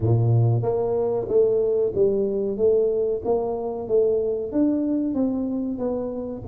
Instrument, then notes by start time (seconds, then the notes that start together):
tuba
0.00 A#2
0.62 A#3
1.28 A3
1.94 G3
2.57 A3
3.24 A#3
3.88 A3
4.52 D4
5.14 C4
5.78 B3